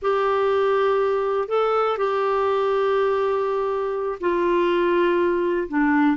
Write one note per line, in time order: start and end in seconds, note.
0.02 1.48 G4
1.48 1.97 A4
1.97 4.18 G4
4.20 5.68 F4
5.68 6.17 D4